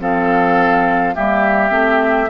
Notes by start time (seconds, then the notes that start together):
0.00 F3 C4 A4 F5
1.15 G3 A#3 G4 E5
1.70 A3 C4